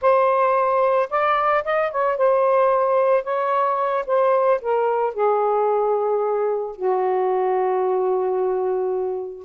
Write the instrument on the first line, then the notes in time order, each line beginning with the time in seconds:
saxophone
0.01 C5
1.10 D5
1.64 D#5
1.91 C#5
2.17 C5
3.23 C#5
4.06 C5
4.61 A#4
5.14 G#4
6.76 F#4